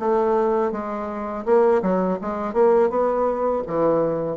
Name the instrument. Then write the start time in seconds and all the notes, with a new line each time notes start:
bassoon
0.00 A3
0.72 G#3
1.46 A#3
1.83 F#3
2.22 G#3
2.54 A#3
2.90 B3
3.68 E3